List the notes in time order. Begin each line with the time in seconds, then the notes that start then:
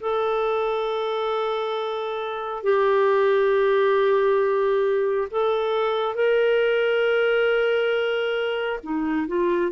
0.00 A4
2.63 G4
5.31 A4
6.15 A#4
8.83 D#4
9.28 F4